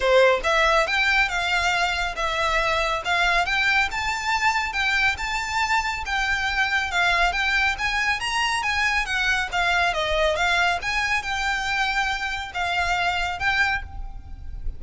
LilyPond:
\new Staff \with { instrumentName = "violin" } { \time 4/4 \tempo 4 = 139 c''4 e''4 g''4 f''4~ | f''4 e''2 f''4 | g''4 a''2 g''4 | a''2 g''2 |
f''4 g''4 gis''4 ais''4 | gis''4 fis''4 f''4 dis''4 | f''4 gis''4 g''2~ | g''4 f''2 g''4 | }